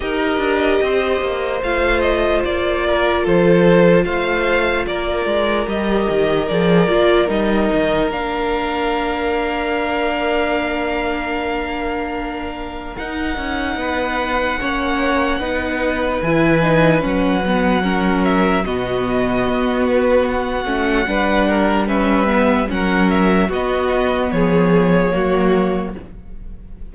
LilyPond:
<<
  \new Staff \with { instrumentName = "violin" } { \time 4/4 \tempo 4 = 74 dis''2 f''8 dis''8 d''4 | c''4 f''4 d''4 dis''4 | d''4 dis''4 f''2~ | f''1 |
fis''1 | gis''4 fis''4. e''8 dis''4~ | dis''8 b'8 fis''2 e''4 | fis''8 e''8 dis''4 cis''2 | }
  \new Staff \with { instrumentName = "violin" } { \time 4/4 ais'4 c''2~ c''8 ais'8 | a'4 c''4 ais'2~ | ais'1~ | ais'1~ |
ais'4 b'4 cis''4 b'4~ | b'2 ais'4 fis'4~ | fis'2 b'8 ais'8 b'4 | ais'4 fis'4 gis'4 fis'4 | }
  \new Staff \with { instrumentName = "viola" } { \time 4/4 g'2 f'2~ | f'2. g'4 | gis'8 f'8 dis'4 d'2~ | d'1 |
dis'2 cis'4 dis'4 | e'8 dis'8 cis'8 b8 cis'4 b4~ | b4. cis'8 d'4 cis'8 b8 | cis'4 b2 ais4 | }
  \new Staff \with { instrumentName = "cello" } { \time 4/4 dis'8 d'8 c'8 ais8 a4 ais4 | f4 a4 ais8 gis8 g8 dis8 | f8 ais8 g8 dis8 ais2~ | ais1 |
dis'8 cis'8 b4 ais4 b4 | e4 fis2 b,4 | b4. a8 g2 | fis4 b4 f4 fis4 | }
>>